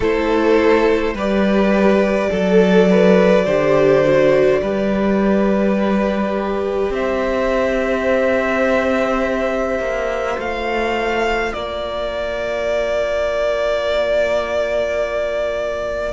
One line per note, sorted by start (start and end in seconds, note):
0.00 1.13 A3
0.00 1.17 E4
0.00 1.13 A4
0.00 1.17 C5
1.13 2.29 G3
1.13 2.30 G4
1.13 2.30 B4
1.13 6.93 D5
2.30 3.46 F#3
2.30 3.45 A4
2.30 2.88 A4
2.90 3.45 B4
3.45 4.62 D3
3.45 4.04 G4
3.45 4.60 C5
4.04 4.62 F#4
4.62 6.90 G3
4.62 10.38 G4
4.62 6.93 B4
6.90 9.79 C4
6.90 11.54 C5
6.90 10.39 E5
9.79 10.37 A#3
10.37 11.53 A3
10.37 16.12 F4
10.37 11.53 F5
11.53 16.12 A#3
11.53 16.12 A#4
11.53 16.12 D5